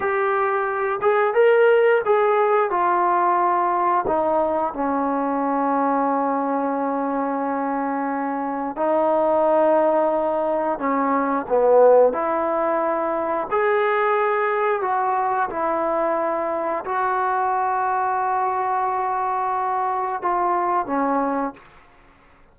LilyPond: \new Staff \with { instrumentName = "trombone" } { \time 4/4 \tempo 4 = 89 g'4. gis'8 ais'4 gis'4 | f'2 dis'4 cis'4~ | cis'1~ | cis'4 dis'2. |
cis'4 b4 e'2 | gis'2 fis'4 e'4~ | e'4 fis'2.~ | fis'2 f'4 cis'4 | }